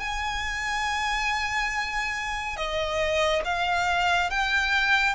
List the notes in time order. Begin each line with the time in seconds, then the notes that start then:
0.00 G#5
2.57 D#5
3.45 F5
4.31 G5